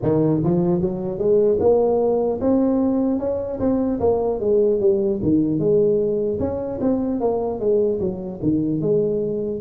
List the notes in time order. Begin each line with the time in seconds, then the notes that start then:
0.02 D#3
0.43 F3
0.81 F#3
1.18 G#3
1.60 A#3
2.40 C4
3.19 C#4
3.59 C4
4.00 A#3
4.40 G#3
4.80 G3
5.22 D#3
5.59 G#3
6.39 C#4
6.80 C4
7.20 A#3
7.59 G#3
8.00 F#3
8.42 D#3
8.81 G#3